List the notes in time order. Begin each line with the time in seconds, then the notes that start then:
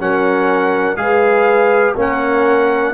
0.00 F#3 C#4 A#4 F#5
0.96 G#3 G#4 B4 F5
1.96 A#3 C#4 A#4 F#5